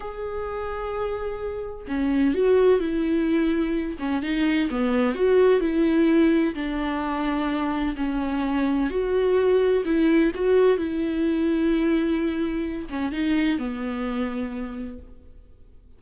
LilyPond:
\new Staff \with { instrumentName = "viola" } { \time 4/4 \tempo 4 = 128 gis'1 | cis'4 fis'4 e'2~ | e'8 cis'8 dis'4 b4 fis'4 | e'2 d'2~ |
d'4 cis'2 fis'4~ | fis'4 e'4 fis'4 e'4~ | e'2.~ e'8 cis'8 | dis'4 b2. | }